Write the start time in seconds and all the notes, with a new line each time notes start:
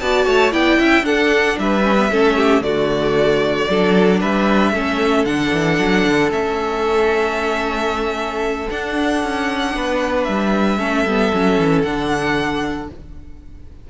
0.00 B3 F#4 D5 A5
0.27 A3 C#5
0.52 B3 E4 D5 G5
0.79 C#4 E5
1.02 D4 A4 F#5
1.58 G3 B4 E5
1.83 C#4
1.97 B3
2.11 A3 C#4 A4
2.37 G4
2.61 D3 A3 F#4 D5
3.70 F#3 D4 A4
4.20 G3 B4 E5
4.72 A3 C#4 A4
5.25 D3 D4 F#5
5.53 E3
5.79 F#3
6.05 D3
6.31 A3 C#4 E5
8.71 D4 F#5
9.24 C#4
9.76 B3 B4
10.24 G3 E5
10.78 A3 C#4 A4
11.06 G3 B3
11.33 F#3 C#4
11.59 E3
11.83 D3 D4 F#5